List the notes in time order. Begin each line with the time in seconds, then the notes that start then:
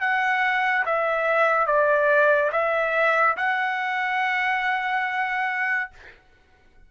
0.00 F#5
0.86 E5
1.66 D5
2.52 E5
3.36 F#5